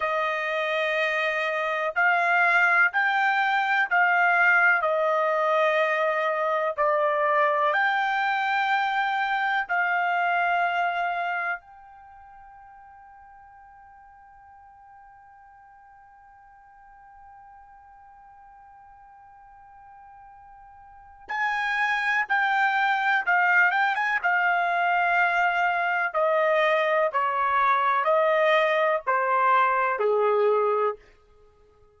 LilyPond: \new Staff \with { instrumentName = "trumpet" } { \time 4/4 \tempo 4 = 62 dis''2 f''4 g''4 | f''4 dis''2 d''4 | g''2 f''2 | g''1~ |
g''1~ | g''2 gis''4 g''4 | f''8 g''16 gis''16 f''2 dis''4 | cis''4 dis''4 c''4 gis'4 | }